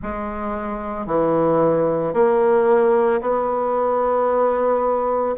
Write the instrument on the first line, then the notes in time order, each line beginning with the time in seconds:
bassoon
0.02 G#3
1.06 E3
2.13 A#3
3.21 B3